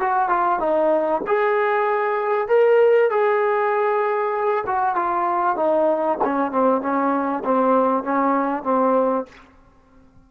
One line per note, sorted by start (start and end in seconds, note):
0.00 0.29 F#4
0.29 0.60 F4
0.60 1.22 D#4
1.27 2.49 G#4
2.49 3.10 A#4
3.10 4.65 G#4
4.67 4.96 F#4
4.96 5.56 F4
5.56 6.18 D#4
6.24 6.52 C#4
6.52 6.82 C4
6.82 7.43 C#4
7.45 8.04 C4
8.04 8.64 C#4
8.64 9.26 C4